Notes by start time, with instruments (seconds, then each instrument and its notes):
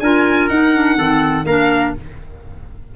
0.00 tuba D4, clarinet F4, trumpet A#4, violin G#5
0.48 tuba D#4, clarinet D#4, violin F#5
0.75 clarinet D4
0.96 tuba D#3, clarinet C4, trumpet A4
1.45 tuba A#3, clarinet D4, trumpet A#4, violin F5